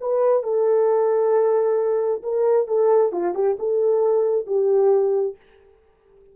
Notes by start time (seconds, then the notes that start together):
0.00 B4
0.43 A4
2.22 A#4
2.67 A4
3.12 F4
3.34 G4
3.58 A4
4.46 G4